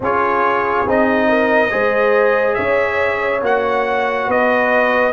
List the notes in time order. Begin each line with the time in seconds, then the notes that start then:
0.00 C#4 F4 G#4 C#5
0.86 C4 D#4 D#5
1.28 A#4
1.69 G#3 G#4 C5
2.54 C#4 C#5 E5
3.42 A#3 F#4 F#5
4.27 B3 B4 D#5